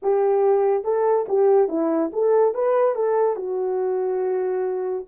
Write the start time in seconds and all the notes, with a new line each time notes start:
0.02 G4
0.83 A4
1.28 G4
1.68 E4
2.12 A4
2.54 B4
2.95 A4
3.36 F#4